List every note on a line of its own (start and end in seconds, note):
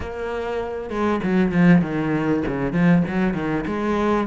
0.00 0.90 A#3
0.90 1.20 G#3
1.23 1.52 F#3
1.52 1.81 F3
1.81 2.43 D#3
2.46 2.72 C#3
2.72 3.03 F3
3.07 3.34 F#3
3.34 3.64 D#3
3.66 4.27 G#3